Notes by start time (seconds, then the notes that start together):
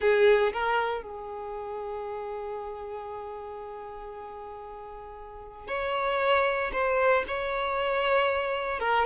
0.00 G#4
0.53 A#4
1.02 G#4
5.67 C#5
6.72 C5
7.27 C#5
8.79 A#4